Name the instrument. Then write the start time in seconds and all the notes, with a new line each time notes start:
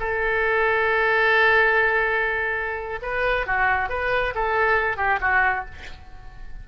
oboe
0.00 A4
3.02 B4
3.47 F#4
3.90 B4
4.35 A4
4.97 G4
5.21 F#4